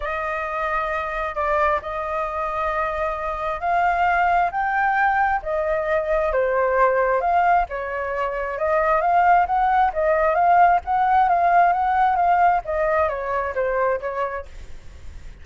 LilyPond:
\new Staff \with { instrumentName = "flute" } { \time 4/4 \tempo 4 = 133 dis''2. d''4 | dis''1 | f''2 g''2 | dis''2 c''2 |
f''4 cis''2 dis''4 | f''4 fis''4 dis''4 f''4 | fis''4 f''4 fis''4 f''4 | dis''4 cis''4 c''4 cis''4 | }